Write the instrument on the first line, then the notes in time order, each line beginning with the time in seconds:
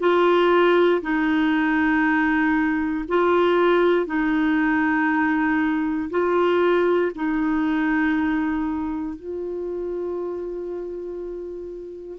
clarinet
0.00 F4
1.02 D#4
3.08 F4
4.06 D#4
6.10 F4
7.15 D#4
9.16 F4